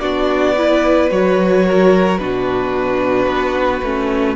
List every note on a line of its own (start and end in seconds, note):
0.00 1.11 B3
0.00 0.56 D4
0.00 0.55 F#4
0.00 1.09 D5
0.57 1.11 E4
0.57 1.66 B4
1.11 2.19 F#3
1.11 2.19 F#4
1.11 2.18 C#5
1.66 2.20 A#4
2.18 3.27 B2
2.18 3.82 D4
2.18 4.36 F#4
2.18 4.36 B4
3.27 3.81 B3
3.82 4.36 A3
3.82 4.36 C#4